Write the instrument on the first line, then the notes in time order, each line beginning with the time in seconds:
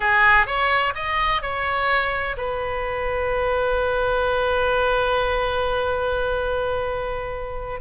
oboe
0.00 G#4
0.46 C#5
0.94 D#5
1.42 C#5
2.37 B4